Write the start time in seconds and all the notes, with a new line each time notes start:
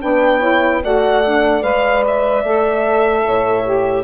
0.00 B3 D4 B4 G5
0.39 E4 C#5
0.82 A3 F#4 D5 F#5
1.24 D4
1.62 G#3 B4 F5
2.07 E5
2.43 A3 A4
3.25 A2 C#5
3.64 G4